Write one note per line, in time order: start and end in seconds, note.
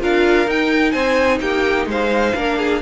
0.00 0.47 D4
0.00 0.47 F4
0.00 0.92 A#4
0.00 0.50 F5
0.47 0.94 D#4
0.47 2.35 D#4
0.47 0.91 G5
0.91 1.40 C4
0.91 1.39 C5
0.91 1.38 G#5
1.40 1.86 A#3
1.40 1.88 G4
1.40 1.87 G5
1.86 2.33 G#3
1.86 2.36 C5
1.86 2.82 F5
2.35 2.82 A#3
2.35 2.82 D4
2.35 2.58 A#4
2.58 2.82 G#4